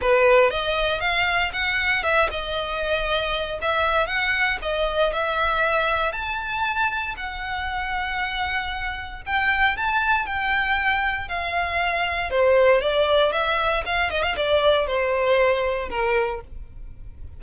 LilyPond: \new Staff \with { instrumentName = "violin" } { \time 4/4 \tempo 4 = 117 b'4 dis''4 f''4 fis''4 | e''8 dis''2~ dis''8 e''4 | fis''4 dis''4 e''2 | a''2 fis''2~ |
fis''2 g''4 a''4 | g''2 f''2 | c''4 d''4 e''4 f''8 dis''16 f''16 | d''4 c''2 ais'4 | }